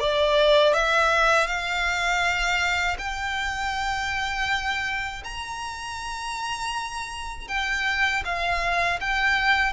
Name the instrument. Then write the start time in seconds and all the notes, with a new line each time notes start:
violin
0.00 D5
0.74 E5
1.47 F5
2.98 G5
5.24 A#5
7.48 G5
8.25 F5
9.00 G5